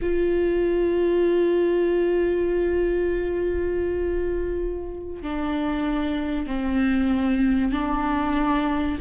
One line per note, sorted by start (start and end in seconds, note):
0.01 5.22 F4
5.22 6.47 D4
6.47 7.71 C4
7.71 8.98 D4